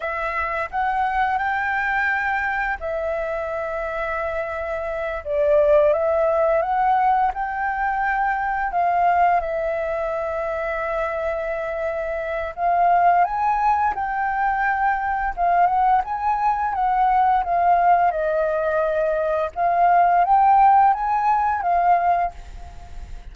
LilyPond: \new Staff \with { instrumentName = "flute" } { \time 4/4 \tempo 4 = 86 e''4 fis''4 g''2 | e''2.~ e''8 d''8~ | d''8 e''4 fis''4 g''4.~ | g''8 f''4 e''2~ e''8~ |
e''2 f''4 gis''4 | g''2 f''8 fis''8 gis''4 | fis''4 f''4 dis''2 | f''4 g''4 gis''4 f''4 | }